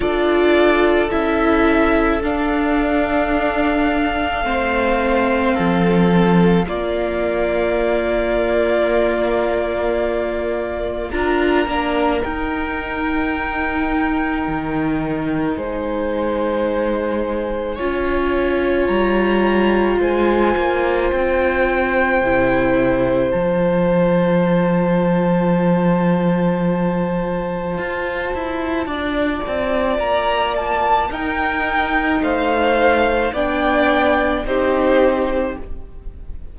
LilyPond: <<
  \new Staff \with { instrumentName = "violin" } { \time 4/4 \tempo 4 = 54 d''4 e''4 f''2~ | f''2 d''2~ | d''2 ais''4 g''4~ | g''2 gis''2~ |
gis''4 ais''4 gis''4 g''4~ | g''4 a''2.~ | a''2. ais''8 a''8 | g''4 f''4 g''4 c''4 | }
  \new Staff \with { instrumentName = "violin" } { \time 4/4 a'1 | c''4 a'4 f'2~ | f'2 ais'2~ | ais'2 c''2 |
cis''2 c''2~ | c''1~ | c''2 d''2 | ais'4 c''4 d''4 g'4 | }
  \new Staff \with { instrumentName = "viola" } { \time 4/4 f'4 e'4 d'2 | c'2 ais2~ | ais2 f'8 d'8 dis'4~ | dis'1 |
f'1 | e'4 f'2.~ | f'1 | dis'2 d'4 dis'4 | }
  \new Staff \with { instrumentName = "cello" } { \time 4/4 d'4 cis'4 d'2 | a4 f4 ais2~ | ais2 d'8 ais8 dis'4~ | dis'4 dis4 gis2 |
cis'4 g4 gis8 ais8 c'4 | c4 f2.~ | f4 f'8 e'8 d'8 c'8 ais4 | dis'4 a4 b4 c'4 | }
>>